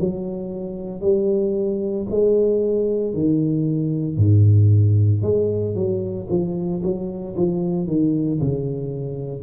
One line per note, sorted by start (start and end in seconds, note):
0.00 1.01 F#3
1.01 2.07 G3
2.11 3.14 G#3
3.14 4.17 D#3
4.17 5.22 G#2
5.22 5.75 G#3
5.75 6.28 F#3
6.29 6.82 F3
6.83 7.36 F#3
7.36 7.87 F3
7.87 8.40 D#3
8.41 9.43 C#3